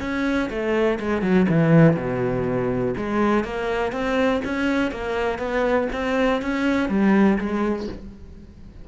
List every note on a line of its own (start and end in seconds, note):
0.00 0.49 C#4
0.50 0.99 A3
1.00 1.22 G#3
1.22 1.46 F#3
1.49 1.96 E3
1.96 2.94 B2
2.97 3.44 G#3
3.44 3.92 A#3
3.92 4.41 C4
4.45 4.92 C#4
4.92 5.39 A#3
5.39 5.88 B3
5.93 6.42 C4
6.42 6.89 C#4
6.89 7.38 G3
7.38 7.88 G#3